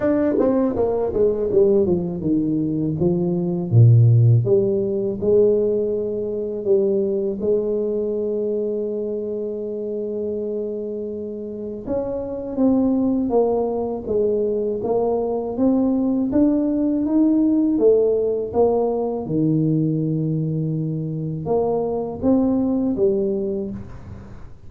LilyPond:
\new Staff \with { instrumentName = "tuba" } { \time 4/4 \tempo 4 = 81 d'8 c'8 ais8 gis8 g8 f8 dis4 | f4 ais,4 g4 gis4~ | gis4 g4 gis2~ | gis1 |
cis'4 c'4 ais4 gis4 | ais4 c'4 d'4 dis'4 | a4 ais4 dis2~ | dis4 ais4 c'4 g4 | }